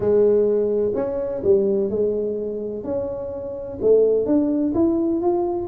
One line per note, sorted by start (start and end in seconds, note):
0.00 0.92 G#3
0.94 1.42 C#4
1.43 1.89 G3
1.89 2.84 G#3
2.84 3.78 C#4
3.81 4.26 A3
4.26 4.73 D4
4.74 5.21 E4
5.21 5.67 F4